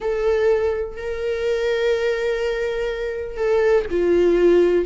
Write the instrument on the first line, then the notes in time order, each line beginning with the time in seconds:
viola
0.00 A4
0.97 A#4
3.36 A4
3.90 F4